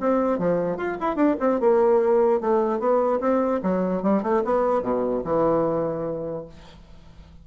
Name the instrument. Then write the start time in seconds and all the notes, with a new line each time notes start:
bassoon
0.00 C4
0.39 F3
0.77 F4
1.00 E4
1.16 D4
1.39 C4
1.60 A#3
2.40 A3
2.79 B3
3.20 C4
3.62 F#3
4.02 G3
4.22 A3
4.44 B3
4.82 B2
5.24 E3